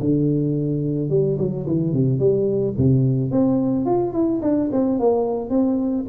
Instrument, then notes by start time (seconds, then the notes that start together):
tuba
0.00 D3
1.09 G3
1.38 F#3
1.66 E3
1.92 C3
2.19 G3
2.78 C3
3.31 C4
3.86 F4
4.13 E4
4.42 D4
4.72 C4
4.99 A#3
5.49 C4